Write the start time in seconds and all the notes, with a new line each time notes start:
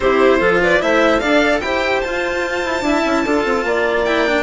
0.00 C4 E4 G4 C5
0.39 F3 F4 A4
0.62 B4 D5
0.79 A3 E4 C5 E5
1.19 D4 A4 D5 F5
1.60 E4 G4 C5 G5
2.00 F4 A5
2.64 E4
2.81 D4 E4 E5
3.05 C#4
3.24 D4 F4 A4
3.45 C4
3.64 A#3 D5
4.03 E4 G5
4.26 D4